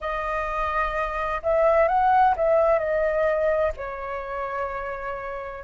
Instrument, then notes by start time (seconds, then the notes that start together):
flute
0.00 D#5
1.43 E5
1.87 F#5
2.36 E5
2.78 D#5
3.76 C#5